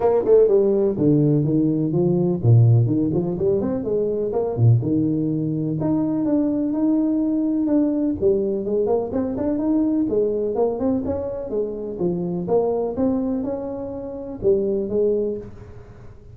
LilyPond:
\new Staff \with { instrumentName = "tuba" } { \time 4/4 \tempo 4 = 125 ais8 a8 g4 d4 dis4 | f4 ais,4 dis8 f8 g8 c'8 | gis4 ais8 ais,8 dis2 | dis'4 d'4 dis'2 |
d'4 g4 gis8 ais8 c'8 d'8 | dis'4 gis4 ais8 c'8 cis'4 | gis4 f4 ais4 c'4 | cis'2 g4 gis4 | }